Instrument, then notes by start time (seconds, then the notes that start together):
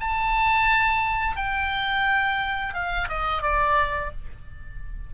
oboe
0.00 A5
1.36 G5
2.73 F5
3.08 D#5
3.42 D5